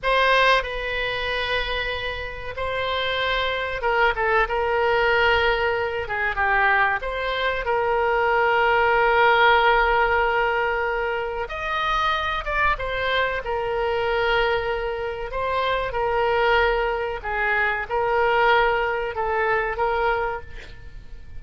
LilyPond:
\new Staff \with { instrumentName = "oboe" } { \time 4/4 \tempo 4 = 94 c''4 b'2. | c''2 ais'8 a'8 ais'4~ | ais'4. gis'8 g'4 c''4 | ais'1~ |
ais'2 dis''4. d''8 | c''4 ais'2. | c''4 ais'2 gis'4 | ais'2 a'4 ais'4 | }